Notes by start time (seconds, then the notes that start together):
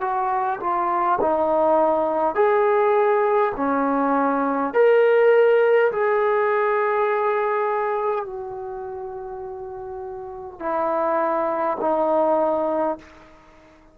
0.00 F#4
0.60 F4
1.21 D#4
2.35 G#4
3.56 C#4
4.73 A#4
5.91 G#4
8.25 F#4
10.59 E4
11.80 D#4